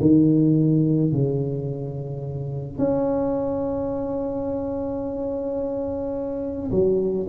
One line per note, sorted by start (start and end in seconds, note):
0.00 1.12 D#3
1.12 2.78 C#3
2.78 6.71 C#4
6.71 7.27 F#3